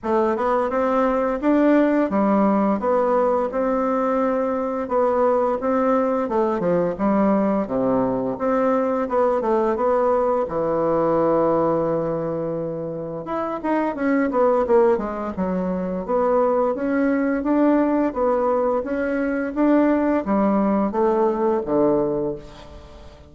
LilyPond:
\new Staff \with { instrumentName = "bassoon" } { \time 4/4 \tempo 4 = 86 a8 b8 c'4 d'4 g4 | b4 c'2 b4 | c'4 a8 f8 g4 c4 | c'4 b8 a8 b4 e4~ |
e2. e'8 dis'8 | cis'8 b8 ais8 gis8 fis4 b4 | cis'4 d'4 b4 cis'4 | d'4 g4 a4 d4 | }